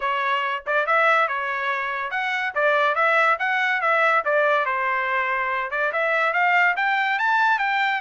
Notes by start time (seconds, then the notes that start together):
0.00 C#5
0.66 D5
0.86 E5
1.28 C#5
2.10 F#5
2.54 D5
2.95 E5
3.39 F#5
3.81 E5
4.24 D5
4.65 C5
5.70 D5
5.92 E5
6.33 F5
6.76 G5
7.19 A5
7.58 G5